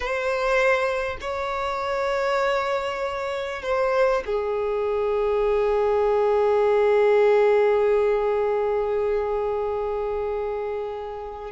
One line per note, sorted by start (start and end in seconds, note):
0.00 1.17 C5
1.21 3.62 C#5
3.62 4.23 C5
4.26 11.51 G#4